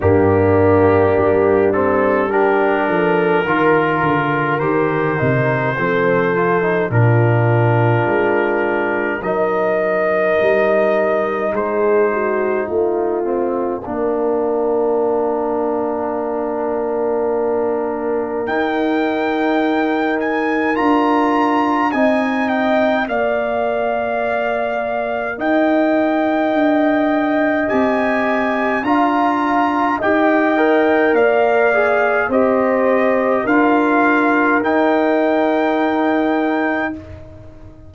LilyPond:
<<
  \new Staff \with { instrumentName = "trumpet" } { \time 4/4 \tempo 4 = 52 g'4. a'8 ais'2 | c''2 ais'2 | dis''2 c''4 f''4~ | f''1 |
g''4. gis''8 ais''4 gis''8 g''8 | f''2 g''2 | gis''4 ais''4 g''4 f''4 | dis''4 f''4 g''2 | }
  \new Staff \with { instrumentName = "horn" } { \time 4/4 d'2 g'8 a'8 ais'4~ | ais'4 a'4 f'2 | ais'2 gis'8 fis'8 f'4 | ais'1~ |
ais'2. dis''4 | d''2 dis''2~ | dis''4 f''4 dis''4 d''4 | c''4 ais'2. | }
  \new Staff \with { instrumentName = "trombone" } { \time 4/4 ais4. c'8 d'4 f'4 | g'8 dis'8 c'8 f'16 dis'16 d'2 | dis'2.~ dis'8 c'8 | d'1 |
dis'2 f'4 dis'4 | ais'1 | g'4 f'4 g'8 ais'4 gis'8 | g'4 f'4 dis'2 | }
  \new Staff \with { instrumentName = "tuba" } { \time 4/4 g,4 g4. f8 dis8 d8 | dis8 c8 f4 ais,4 gis4 | fis4 g4 gis4 a4 | ais1 |
dis'2 d'4 c'4 | ais2 dis'4 d'4 | c'4 d'4 dis'4 ais4 | c'4 d'4 dis'2 | }
>>